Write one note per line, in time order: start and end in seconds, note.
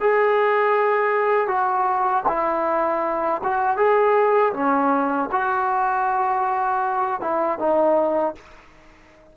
0.00 1.47 G#4
1.47 2.23 F#4
2.28 3.41 E4
3.43 3.77 F#4
3.77 4.53 G#4
4.53 5.29 C#4
5.31 7.20 F#4
7.20 7.58 E4
7.58 8.34 D#4